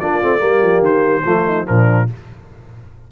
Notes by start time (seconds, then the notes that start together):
0.00 A#3 D4 F4 D5
0.22 A3 C4
0.39 G3 A#3 G4
0.62 F3
0.81 D#3 C5
1.24 F3 A3 F4
1.46 D#4
1.65 A#2 F3 D4 A#4